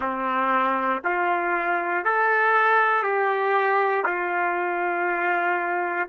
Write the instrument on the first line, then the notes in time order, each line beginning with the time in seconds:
trumpet
0.00 C4
1.04 F4
2.04 A4
3.02 G4
4.05 F4